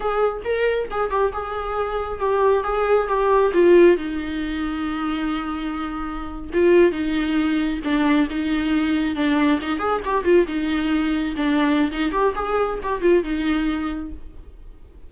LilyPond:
\new Staff \with { instrumentName = "viola" } { \time 4/4 \tempo 4 = 136 gis'4 ais'4 gis'8 g'8 gis'4~ | gis'4 g'4 gis'4 g'4 | f'4 dis'2.~ | dis'2~ dis'8. f'4 dis'16~ |
dis'4.~ dis'16 d'4 dis'4~ dis'16~ | dis'8. d'4 dis'8 gis'8 g'8 f'8 dis'16~ | dis'4.~ dis'16 d'4~ d'16 dis'8 g'8 | gis'4 g'8 f'8 dis'2 | }